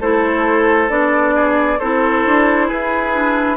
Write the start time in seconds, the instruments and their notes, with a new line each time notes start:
0.00 bassoon A3, clarinet E4, oboe A4, flute C5
0.89 bassoon B3, clarinet D4, flute D5
1.35 oboe G#4
1.79 bassoon C4, clarinet E4, oboe A4, flute C5
2.26 bassoon D4
2.67 bassoon E4, oboe G#4, flute B4
3.13 clarinet D4